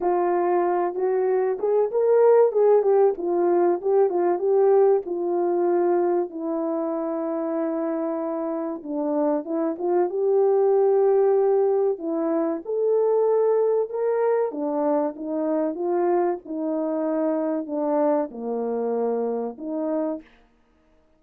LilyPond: \new Staff \with { instrumentName = "horn" } { \time 4/4 \tempo 4 = 95 f'4. fis'4 gis'8 ais'4 | gis'8 g'8 f'4 g'8 f'8 g'4 | f'2 e'2~ | e'2 d'4 e'8 f'8 |
g'2. e'4 | a'2 ais'4 d'4 | dis'4 f'4 dis'2 | d'4 ais2 dis'4 | }